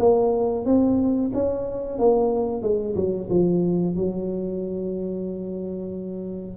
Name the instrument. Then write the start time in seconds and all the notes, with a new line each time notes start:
tuba
0.00 A#3
0.66 C4
1.34 C#4
1.99 A#3
2.63 G#3
2.96 F#3
3.30 F3
3.96 F#3